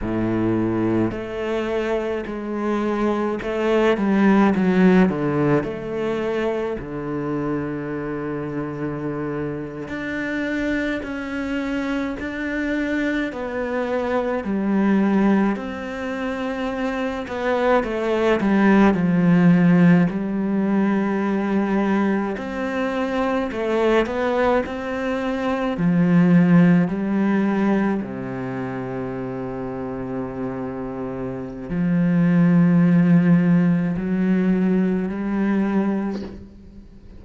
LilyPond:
\new Staff \with { instrumentName = "cello" } { \time 4/4 \tempo 4 = 53 a,4 a4 gis4 a8 g8 | fis8 d8 a4 d2~ | d8. d'4 cis'4 d'4 b16~ | b8. g4 c'4. b8 a16~ |
a16 g8 f4 g2 c'16~ | c'8. a8 b8 c'4 f4 g16~ | g8. c2.~ c16 | f2 fis4 g4 | }